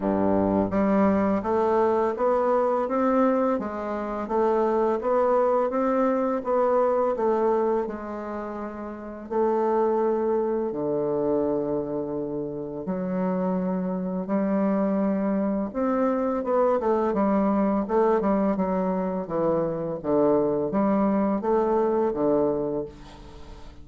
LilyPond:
\new Staff \with { instrumentName = "bassoon" } { \time 4/4 \tempo 4 = 84 g,4 g4 a4 b4 | c'4 gis4 a4 b4 | c'4 b4 a4 gis4~ | gis4 a2 d4~ |
d2 fis2 | g2 c'4 b8 a8 | g4 a8 g8 fis4 e4 | d4 g4 a4 d4 | }